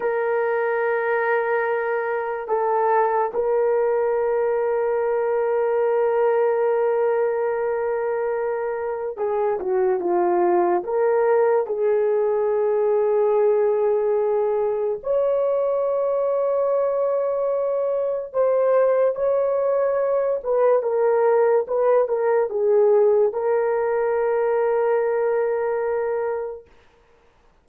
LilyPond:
\new Staff \with { instrumentName = "horn" } { \time 4/4 \tempo 4 = 72 ais'2. a'4 | ais'1~ | ais'2. gis'8 fis'8 | f'4 ais'4 gis'2~ |
gis'2 cis''2~ | cis''2 c''4 cis''4~ | cis''8 b'8 ais'4 b'8 ais'8 gis'4 | ais'1 | }